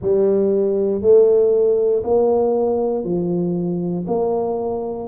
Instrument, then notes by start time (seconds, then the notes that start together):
tuba
0.01 G3
1.01 A3
2.03 A#3
3.04 F3
4.07 A#3